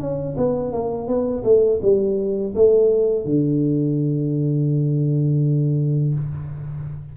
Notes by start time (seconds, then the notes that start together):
0.00 C#4
0.37 B3
0.72 A#3
1.07 B3
1.44 A3
1.82 G3
2.55 A3
3.25 D3